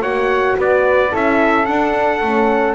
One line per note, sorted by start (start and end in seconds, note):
0.00 0.56 A#3
0.00 1.09 F#4
0.00 0.56 C#5
0.00 0.56 F#5
0.57 1.12 B3
0.57 1.11 B4
0.57 1.15 D5
1.11 1.68 C#4
1.11 1.66 E4
1.11 2.75 A4
1.11 1.65 E5
1.65 2.21 D4
1.65 2.74 F#5
2.21 2.75 A3
2.21 2.75 C#4